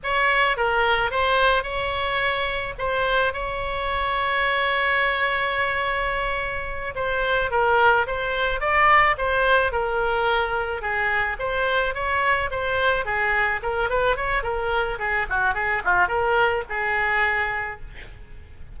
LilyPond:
\new Staff \with { instrumentName = "oboe" } { \time 4/4 \tempo 4 = 108 cis''4 ais'4 c''4 cis''4~ | cis''4 c''4 cis''2~ | cis''1~ | cis''8 c''4 ais'4 c''4 d''8~ |
d''8 c''4 ais'2 gis'8~ | gis'8 c''4 cis''4 c''4 gis'8~ | gis'8 ais'8 b'8 cis''8 ais'4 gis'8 fis'8 | gis'8 f'8 ais'4 gis'2 | }